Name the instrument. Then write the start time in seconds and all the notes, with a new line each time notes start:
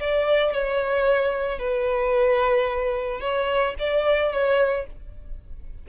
violin
0.00 D5
0.53 C#5
1.59 B4
3.21 C#5
3.79 D5
4.32 C#5